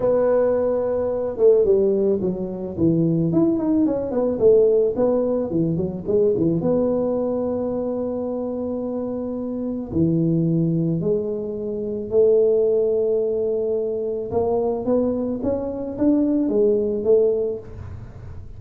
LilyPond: \new Staff \with { instrumentName = "tuba" } { \time 4/4 \tempo 4 = 109 b2~ b8 a8 g4 | fis4 e4 e'8 dis'8 cis'8 b8 | a4 b4 e8 fis8 gis8 e8 | b1~ |
b2 e2 | gis2 a2~ | a2 ais4 b4 | cis'4 d'4 gis4 a4 | }